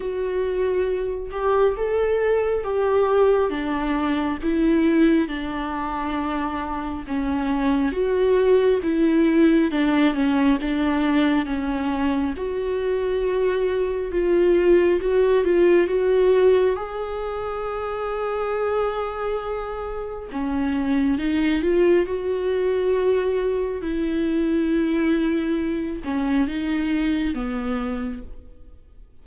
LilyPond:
\new Staff \with { instrumentName = "viola" } { \time 4/4 \tempo 4 = 68 fis'4. g'8 a'4 g'4 | d'4 e'4 d'2 | cis'4 fis'4 e'4 d'8 cis'8 | d'4 cis'4 fis'2 |
f'4 fis'8 f'8 fis'4 gis'4~ | gis'2. cis'4 | dis'8 f'8 fis'2 e'4~ | e'4. cis'8 dis'4 b4 | }